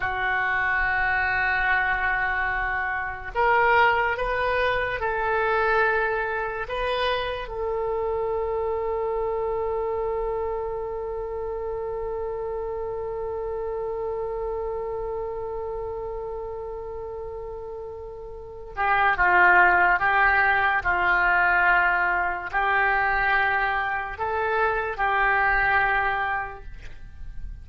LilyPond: \new Staff \with { instrumentName = "oboe" } { \time 4/4 \tempo 4 = 72 fis'1 | ais'4 b'4 a'2 | b'4 a'2.~ | a'1~ |
a'1~ | a'2~ a'8 g'8 f'4 | g'4 f'2 g'4~ | g'4 a'4 g'2 | }